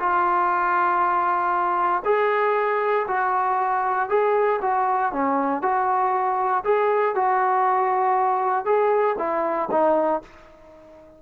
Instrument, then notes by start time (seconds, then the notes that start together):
trombone
0.00 F4
2.05 G#4
3.08 F#4
4.10 G#4
4.62 F#4
5.13 C#4
5.62 F#4
6.65 G#4
7.16 F#4
8.66 G#4
9.19 E4
9.72 D#4